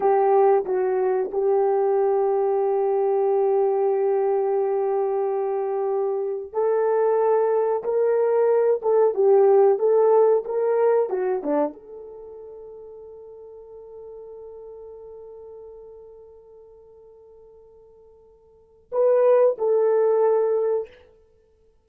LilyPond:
\new Staff \with { instrumentName = "horn" } { \time 4/4 \tempo 4 = 92 g'4 fis'4 g'2~ | g'1~ | g'2 a'2 | ais'4. a'8 g'4 a'4 |
ais'4 fis'8 d'8 a'2~ | a'1~ | a'1~ | a'4 b'4 a'2 | }